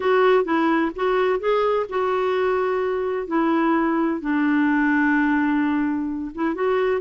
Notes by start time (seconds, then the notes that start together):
0.00 F#4
0.44 E4
0.95 F#4
1.39 G#4
1.89 F#4
3.27 E4
4.20 D4
6.35 E4
6.55 F#4